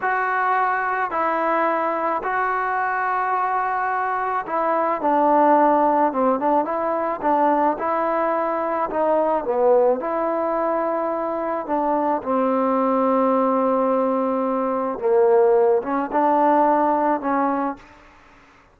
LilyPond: \new Staff \with { instrumentName = "trombone" } { \time 4/4 \tempo 4 = 108 fis'2 e'2 | fis'1 | e'4 d'2 c'8 d'8 | e'4 d'4 e'2 |
dis'4 b4 e'2~ | e'4 d'4 c'2~ | c'2. ais4~ | ais8 cis'8 d'2 cis'4 | }